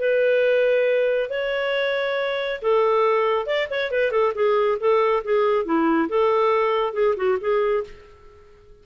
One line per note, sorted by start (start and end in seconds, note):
0.00 1.30 B4
1.30 2.61 C#5
2.62 3.47 A4
3.47 3.68 D5
3.71 3.92 C#5
3.92 4.12 B4
4.12 4.34 A4
4.35 4.79 G#4
4.80 5.24 A4
5.25 5.66 G#4
5.66 6.09 E4
6.09 6.94 A4
6.94 7.15 G#4
7.17 7.39 F#4
7.41 7.84 G#4